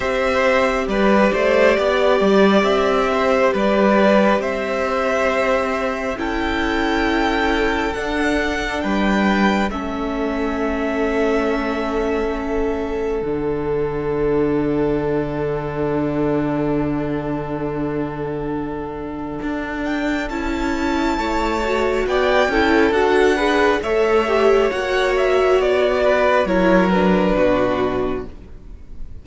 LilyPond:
<<
  \new Staff \with { instrumentName = "violin" } { \time 4/4 \tempo 4 = 68 e''4 d''2 e''4 | d''4 e''2 g''4~ | g''4 fis''4 g''4 e''4~ | e''2. fis''4~ |
fis''1~ | fis''2~ fis''8 g''8 a''4~ | a''4 g''4 fis''4 e''4 | fis''8 e''8 d''4 cis''8 b'4. | }
  \new Staff \with { instrumentName = "violin" } { \time 4/4 c''4 b'8 c''8 d''4. c''8 | b'4 c''2 a'4~ | a'2 b'4 a'4~ | a'1~ |
a'1~ | a'1 | cis''4 d''8 a'4 b'8 cis''4~ | cis''4. b'8 ais'4 fis'4 | }
  \new Staff \with { instrumentName = "viola" } { \time 4/4 g'1~ | g'2. e'4~ | e'4 d'2 cis'4~ | cis'2. d'4~ |
d'1~ | d'2. e'4~ | e'8 fis'4 e'8 fis'8 gis'8 a'8 g'8 | fis'2 e'8 d'4. | }
  \new Staff \with { instrumentName = "cello" } { \time 4/4 c'4 g8 a8 b8 g8 c'4 | g4 c'2 cis'4~ | cis'4 d'4 g4 a4~ | a2. d4~ |
d1~ | d2 d'4 cis'4 | a4 b8 cis'8 d'4 a4 | ais4 b4 fis4 b,4 | }
>>